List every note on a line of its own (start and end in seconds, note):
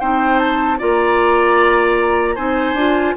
0.00 0.80 C4
0.00 0.79 D#4
0.00 0.78 C5
0.00 0.39 G5
0.39 0.78 A5
0.78 2.37 A#3
0.78 2.36 F4
0.78 2.35 D5
0.78 2.36 A#5
2.35 2.74 C4
2.35 2.76 D#4
2.35 3.14 C5
2.35 3.15 G#5
2.74 3.13 D4
2.74 3.16 F4